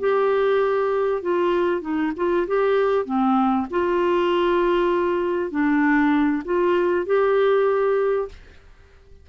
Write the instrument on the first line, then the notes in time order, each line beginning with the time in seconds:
clarinet
0.00 G4
1.22 F4
1.82 D#4
2.17 F4
2.47 G4
3.06 C4
3.71 F4
5.51 D4
6.45 F4
7.06 G4